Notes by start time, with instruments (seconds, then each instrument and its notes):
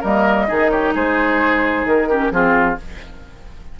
0.00 bassoon G3, clarinet A#3, oboe A#4, flute D#5
0.47 bassoon D#3, clarinet D#4, oboe G#4
0.70 oboe G4, flute C#5
0.94 bassoon G#3, oboe G#4, flute C5
1.85 bassoon D#3, flute A#4
2.08 clarinet C#4, oboe G4
2.31 bassoon F3, clarinet C4, oboe F4, flute G#4